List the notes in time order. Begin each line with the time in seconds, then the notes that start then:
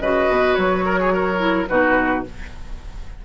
0.00 C#3 F#4 B4 D#5
0.29 B2
0.55 F#3 C#5
0.86 A#4
1.00 G#4
1.13 A#4
1.38 E4
1.68 B2 D#4 F#4 B4